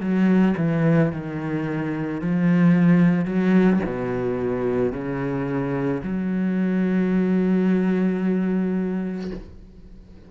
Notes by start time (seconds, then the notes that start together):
0.00 F#3
0.57 E3
1.12 D#3
2.21 F3
3.25 F#3
3.86 B2
4.92 C#3
6.03 F#3